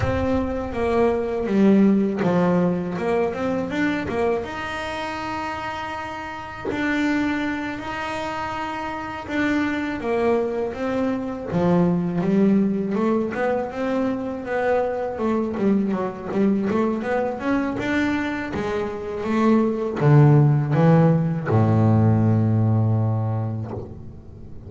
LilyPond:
\new Staff \with { instrumentName = "double bass" } { \time 4/4 \tempo 4 = 81 c'4 ais4 g4 f4 | ais8 c'8 d'8 ais8 dis'2~ | dis'4 d'4. dis'4.~ | dis'8 d'4 ais4 c'4 f8~ |
f8 g4 a8 b8 c'4 b8~ | b8 a8 g8 fis8 g8 a8 b8 cis'8 | d'4 gis4 a4 d4 | e4 a,2. | }